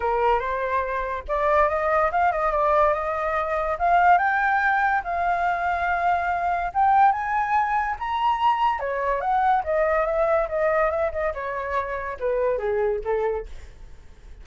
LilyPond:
\new Staff \with { instrumentName = "flute" } { \time 4/4 \tempo 4 = 143 ais'4 c''2 d''4 | dis''4 f''8 dis''8 d''4 dis''4~ | dis''4 f''4 g''2 | f''1 |
g''4 gis''2 ais''4~ | ais''4 cis''4 fis''4 dis''4 | e''4 dis''4 e''8 dis''8 cis''4~ | cis''4 b'4 gis'4 a'4 | }